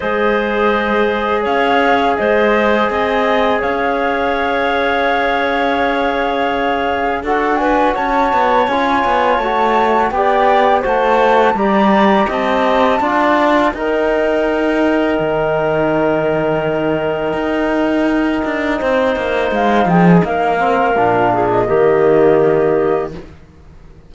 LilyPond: <<
  \new Staff \with { instrumentName = "flute" } { \time 4/4 \tempo 4 = 83 dis''2 f''4 dis''4 | gis''4 f''2.~ | f''2 fis''8 gis''8 a''4 | gis''4 a''4 g''4 a''4 |
ais''4 a''2 g''4~ | g''1~ | g''2. f''8 g''16 gis''16 | f''4.~ f''16 dis''2~ dis''16 | }
  \new Staff \with { instrumentName = "clarinet" } { \time 4/4 c''2 cis''4 c''4 | dis''4 cis''2.~ | cis''2 a'8 b'8 cis''4~ | cis''2 d''4 c''4 |
d''4 dis''4 d''4 ais'4~ | ais'1~ | ais'2 c''4. gis'8 | ais'4. gis'8 g'2 | }
  \new Staff \with { instrumentName = "trombone" } { \time 4/4 gis'1~ | gis'1~ | gis'2 fis'2 | f'4 fis'4 g'4 fis'4 |
g'2 f'4 dis'4~ | dis'1~ | dis'1~ | dis'8 c'8 d'4 ais2 | }
  \new Staff \with { instrumentName = "cello" } { \time 4/4 gis2 cis'4 gis4 | c'4 cis'2.~ | cis'2 d'4 cis'8 b8 | cis'8 b8 a4 b4 a4 |
g4 c'4 d'4 dis'4~ | dis'4 dis2. | dis'4. d'8 c'8 ais8 gis8 f8 | ais4 ais,4 dis2 | }
>>